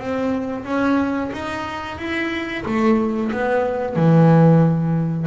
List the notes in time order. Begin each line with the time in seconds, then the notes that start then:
0.00 C4
0.65 C#4
1.33 D#4
1.98 E4
2.66 A3
3.32 B3
3.96 E3